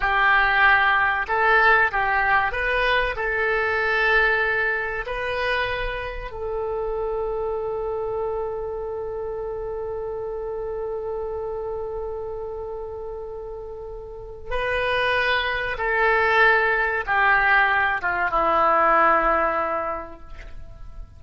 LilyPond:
\new Staff \with { instrumentName = "oboe" } { \time 4/4 \tempo 4 = 95 g'2 a'4 g'4 | b'4 a'2. | b'2 a'2~ | a'1~ |
a'1~ | a'2. b'4~ | b'4 a'2 g'4~ | g'8 f'8 e'2. | }